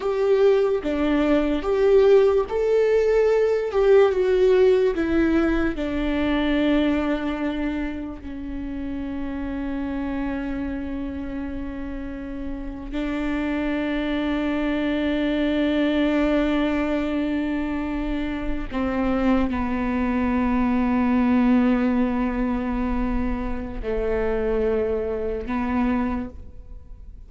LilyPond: \new Staff \with { instrumentName = "viola" } { \time 4/4 \tempo 4 = 73 g'4 d'4 g'4 a'4~ | a'8 g'8 fis'4 e'4 d'4~ | d'2 cis'2~ | cis'2.~ cis'8. d'16~ |
d'1~ | d'2~ d'8. c'4 b16~ | b1~ | b4 a2 b4 | }